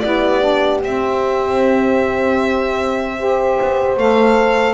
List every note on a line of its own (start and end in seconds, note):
0.00 0.83 B3
0.00 0.40 E4
0.00 3.19 G4
0.00 0.79 D5
0.40 0.80 D4
0.83 3.59 C4
0.83 3.18 C4
0.83 3.98 E5
3.18 3.97 G4
3.18 4.74 C5
3.62 3.97 B3
3.97 4.74 A3
3.97 4.74 A4
3.97 4.74 F5